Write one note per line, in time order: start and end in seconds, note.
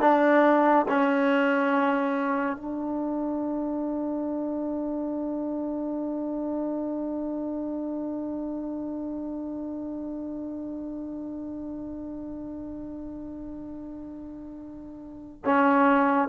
0.00 0.86 D4
0.88 2.56 C#4
2.56 15.42 D4
15.44 16.28 C#4